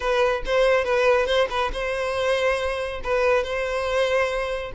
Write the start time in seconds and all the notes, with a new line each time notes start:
0.00 B4
0.45 C5
0.84 B4
1.26 C5
1.50 B4
1.72 C5
3.03 B4
3.43 C5